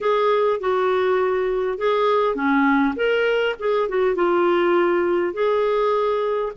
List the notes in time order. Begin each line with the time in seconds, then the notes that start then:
0.01 G#4
0.59 F#4
1.77 G#4
2.35 C#4
2.96 A#4
3.59 G#4
3.88 F#4
4.15 F4
5.33 G#4